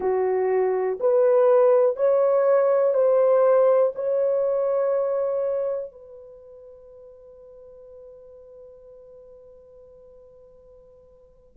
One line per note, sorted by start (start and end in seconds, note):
0.00 0.98 F#4
1.00 1.96 B4
1.96 2.93 C#5
2.93 3.92 C5
3.95 5.92 C#5
5.92 11.56 B4